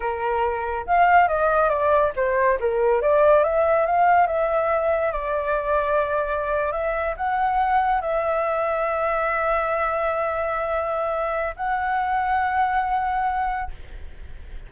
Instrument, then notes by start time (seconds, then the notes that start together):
flute
0.00 A#4
0.86 F5
1.28 D#5
1.69 D5
2.16 C5
2.60 A#4
3.01 D5
3.43 E5
3.86 F5
4.26 E5
5.12 D5
6.72 E5
7.16 F#5
8.01 E5
11.56 F#5